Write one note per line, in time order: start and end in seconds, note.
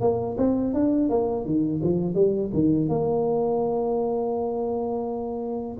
0.00 0.36 A#3
0.37 0.73 C4
0.74 1.09 D4
1.09 1.45 A#3
1.45 1.81 D#3
1.83 2.14 F3
2.14 2.50 G3
2.53 2.88 D#3
2.88 5.78 A#3